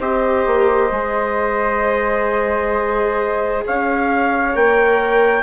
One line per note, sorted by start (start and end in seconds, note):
0.00 0.46 C4
0.00 0.92 G4
0.00 3.64 C5
0.00 3.65 D#5
0.46 0.91 A#3
0.91 3.64 G#3
0.91 4.54 G#4
3.66 4.55 C#4
3.66 5.43 C#5
3.66 4.56 F5
4.54 5.43 A#3
4.54 5.43 A#4
4.54 5.43 G5